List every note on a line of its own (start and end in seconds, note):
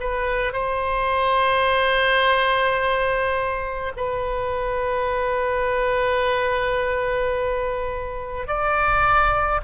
0.00 0.52 B4
0.52 3.92 C5
3.96 8.47 B4
8.47 9.60 D5